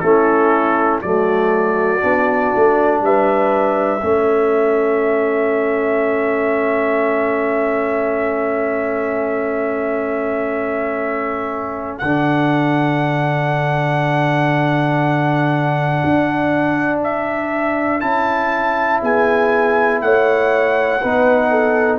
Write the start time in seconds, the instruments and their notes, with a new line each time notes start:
0.00 tuba A3, trombone C#4, horn E4, trumpet A4
1.02 tuba F#3, trombone A3, horn F#4, trumpet D5
2.01 tuba B3, trombone D4
2.56 tuba A3
3.02 tuba G3, horn B4, trumpet E5
4.03 tuba A3, trombone C#4, horn A4
11.99 tuba D3, trombone D4, trumpet F#5
16.04 tuba D4
17.04 trumpet E5
18.01 tuba C#4, trombone E4, trumpet A5
19.02 tuba B3, horn G#4, trumpet G#5
20.02 tuba A3, horn C#5, trumpet F#5
21.02 tuba B3, trombone D#4, horn B4
21.51 horn A4